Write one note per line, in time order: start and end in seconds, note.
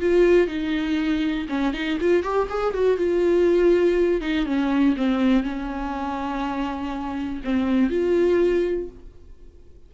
0.00 0.47 F4
0.47 1.46 D#4
1.49 1.73 C#4
1.73 1.98 D#4
2.00 2.23 F4
2.23 2.48 G4
2.49 2.73 G#4
2.73 2.97 F#4
2.97 4.21 F4
4.21 4.45 D#4
4.45 4.95 C#4
4.96 5.43 C4
5.43 7.41 C#4
7.44 7.90 C4
7.90 8.89 F4